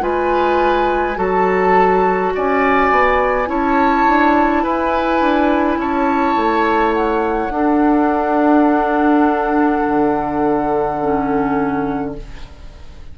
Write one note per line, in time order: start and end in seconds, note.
0.00 1.17 G#3
0.00 1.15 F4
0.00 1.18 B4
0.00 1.18 G#5
1.15 2.32 F#3
1.15 3.46 F#4
1.15 2.33 A4
1.15 2.33 A5
2.35 2.91 C#4
2.35 3.49 D5
2.35 3.49 G#5
2.91 3.48 B3
3.46 4.06 C#4
3.46 7.50 E4
3.46 4.63 C#5
3.46 4.64 A5
4.08 4.64 D4
4.63 5.21 E4
4.63 5.78 B4
4.63 5.79 G#5
5.21 5.77 D4
5.77 6.34 C#4
5.77 7.53 C#5
5.77 6.93 A5
6.36 7.49 A3
6.93 12.12 F#5
7.49 9.80 D4
7.49 10.98 D4
7.49 12.14 A4
9.87 12.18 D3
11.01 12.16 C#4